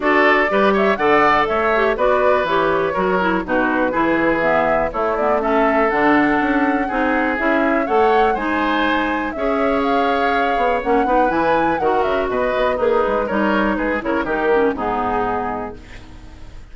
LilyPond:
<<
  \new Staff \with { instrumentName = "flute" } { \time 4/4 \tempo 4 = 122 d''4. e''8 fis''4 e''4 | d''4 cis''2 b'4~ | b'4 e''4 cis''8 d''8 e''4 | fis''2. e''4 |
fis''4 gis''2 e''4 | f''2 fis''4 gis''4 | fis''8 e''8 dis''4 b'4 cis''4 | b'8 cis''8 ais'4 gis'2 | }
  \new Staff \with { instrumentName = "oboe" } { \time 4/4 a'4 b'8 cis''8 d''4 cis''4 | b'2 ais'4 fis'4 | gis'2 e'4 a'4~ | a'2 gis'2 |
cis''4 c''2 cis''4~ | cis''2~ cis''8 b'4. | ais'4 b'4 dis'4 ais'4 | gis'8 ais'8 g'4 dis'2 | }
  \new Staff \with { instrumentName = "clarinet" } { \time 4/4 fis'4 g'4 a'4. g'8 | fis'4 g'4 fis'8 e'8 dis'4 | e'4 b4 a8 b8 cis'4 | d'2 dis'4 e'4 |
a'4 dis'2 gis'4~ | gis'2 cis'8 dis'8 e'4 | fis'2 gis'4 dis'4~ | dis'8 e'8 dis'8 cis'8 b2 | }
  \new Staff \with { instrumentName = "bassoon" } { \time 4/4 d'4 g4 d4 a4 | b4 e4 fis4 b,4 | e2 a2 | d4 cis'4 c'4 cis'4 |
a4 gis2 cis'4~ | cis'4. b8 ais8 b8 e4 | dis8 cis8 b,8 b8 ais8 gis8 g4 | gis8 cis8 dis4 gis,2 | }
>>